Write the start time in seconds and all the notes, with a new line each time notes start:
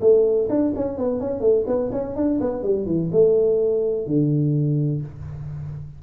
0.00 A3
0.49 D4
0.75 C#4
0.97 B3
1.20 C#4
1.40 A3
1.67 B3
1.92 C#4
2.16 D4
2.40 B3
2.63 G3
2.85 E3
3.11 A3
4.06 D3